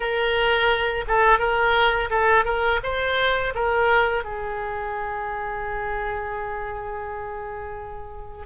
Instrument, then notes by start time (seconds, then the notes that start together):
oboe
0.00 A#4
1.07 A4
1.39 A#4
2.10 A4
2.44 A#4
2.83 C5
3.54 A#4
4.24 G#4